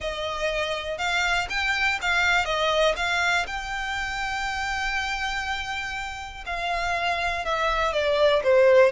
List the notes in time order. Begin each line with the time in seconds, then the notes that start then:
0.00 D#5
0.98 F5
1.49 G5
2.01 F5
2.45 D#5
2.96 F5
3.46 G5
6.46 F5
7.45 E5
7.92 D5
8.43 C5